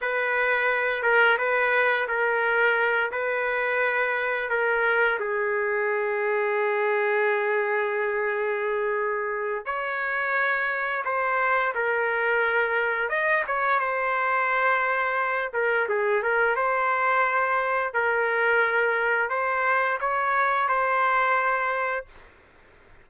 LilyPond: \new Staff \with { instrumentName = "trumpet" } { \time 4/4 \tempo 4 = 87 b'4. ais'8 b'4 ais'4~ | ais'8 b'2 ais'4 gis'8~ | gis'1~ | gis'2 cis''2 |
c''4 ais'2 dis''8 cis''8 | c''2~ c''8 ais'8 gis'8 ais'8 | c''2 ais'2 | c''4 cis''4 c''2 | }